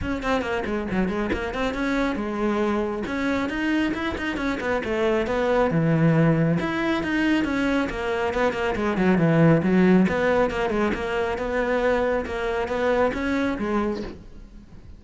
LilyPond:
\new Staff \with { instrumentName = "cello" } { \time 4/4 \tempo 4 = 137 cis'8 c'8 ais8 gis8 fis8 gis8 ais8 c'8 | cis'4 gis2 cis'4 | dis'4 e'8 dis'8 cis'8 b8 a4 | b4 e2 e'4 |
dis'4 cis'4 ais4 b8 ais8 | gis8 fis8 e4 fis4 b4 | ais8 gis8 ais4 b2 | ais4 b4 cis'4 gis4 | }